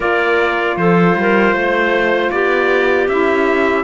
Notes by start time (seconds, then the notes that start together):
0.00 A#3 F4 A#4 D5
0.76 F3 A4 C5
1.16 G3 A#4
1.52 A3 C5
2.30 B3 G4 D5
3.08 C#4 E4 E5